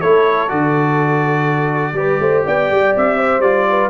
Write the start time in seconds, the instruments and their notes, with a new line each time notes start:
0.00 tuba A3, trombone E4, horn A4, trumpet C#5
0.48 tuba D3, trombone F#4, trumpet D5
1.93 tuba G3, trombone G4, horn B4
2.20 tuba A3, horn C5
2.45 tuba B3, horn D5, trumpet G5
2.71 tuba G3
2.96 tuba C4, trumpet E5
3.18 horn C5
3.39 tuba G3, trombone F4, trumpet D5
3.69 horn B4